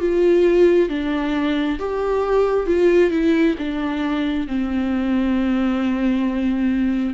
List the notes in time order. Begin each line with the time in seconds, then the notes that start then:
0.00 F4
0.89 D4
1.79 G4
2.67 F4
3.11 E4
3.59 D4
4.47 C4